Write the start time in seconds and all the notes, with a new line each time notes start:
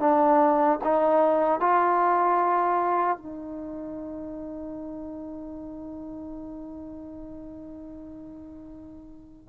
0.00 D4
0.84 D#4
1.60 F4
3.18 D#4